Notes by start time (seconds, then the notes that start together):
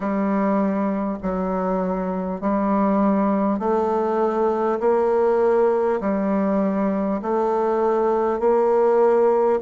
0.00 G3
1.22 F#3
2.40 G3
3.59 A3
4.79 A#3
6.01 G3
7.22 A3
8.39 A#3